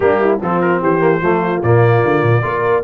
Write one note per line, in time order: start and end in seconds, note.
0.00 0.40 G3
0.00 0.37 A#3
0.00 0.20 D4
0.00 0.38 G4
0.20 0.40 E4
0.41 0.81 F3
0.41 0.99 C4
0.41 0.81 F4
0.41 0.61 A4
0.61 0.81 A#4
0.81 1.21 E3
0.81 1.21 G4
0.81 1.62 C5
0.99 1.19 A#3
1.21 1.61 F3
1.21 1.63 A3
1.21 2.43 F4
1.62 2.03 A#2
1.62 2.41 A#3
1.62 2.83 D5
2.04 2.23 D3
2.23 2.43 A#2
2.41 2.83 A#3
2.41 2.82 F4
2.41 2.83 A#4